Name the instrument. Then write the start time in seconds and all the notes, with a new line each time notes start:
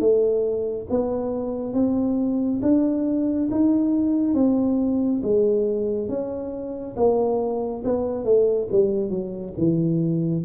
tuba
0.00 A3
0.90 B3
1.74 C4
2.62 D4
3.51 D#4
4.34 C4
5.23 G#3
6.08 C#4
6.96 A#3
7.84 B3
8.25 A3
8.72 G3
9.10 F#3
9.58 E3